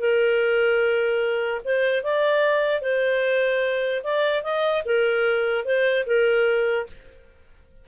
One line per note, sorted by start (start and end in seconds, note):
0.00 1.61 A#4
1.65 2.04 C5
2.04 2.82 D5
2.82 4.02 C5
4.04 4.43 D5
4.43 4.84 D#5
4.85 5.65 A#4
5.65 6.05 C5
6.06 6.87 A#4